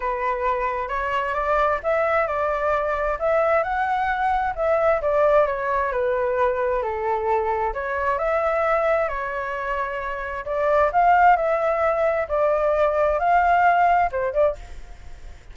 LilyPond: \new Staff \with { instrumentName = "flute" } { \time 4/4 \tempo 4 = 132 b'2 cis''4 d''4 | e''4 d''2 e''4 | fis''2 e''4 d''4 | cis''4 b'2 a'4~ |
a'4 cis''4 e''2 | cis''2. d''4 | f''4 e''2 d''4~ | d''4 f''2 c''8 d''8 | }